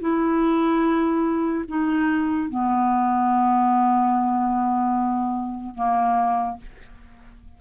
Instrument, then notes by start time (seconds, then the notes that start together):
clarinet
0.00 E4
1.68 D#4
2.49 B3
5.75 A#3